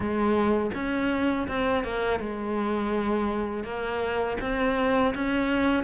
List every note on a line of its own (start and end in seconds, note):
0.00 0.70 G#3
0.74 1.47 C#4
1.47 1.84 C4
1.84 2.19 A#3
2.19 3.64 G#3
3.64 4.37 A#3
4.40 5.14 C4
5.14 5.83 C#4